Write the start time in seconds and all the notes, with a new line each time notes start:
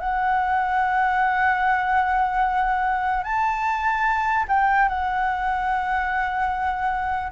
0.00 F#5
3.24 A5
4.49 G5
4.89 F#5